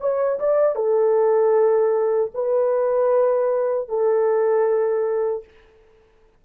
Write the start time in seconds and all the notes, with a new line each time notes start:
0.00 C#5
0.39 D5
0.75 A4
2.34 B4
3.88 A4